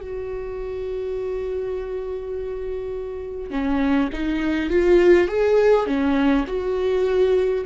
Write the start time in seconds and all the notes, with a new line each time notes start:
0.00 F#4
3.50 C#4
4.12 D#4
4.70 F4
5.27 G#4
5.86 C#4
6.47 F#4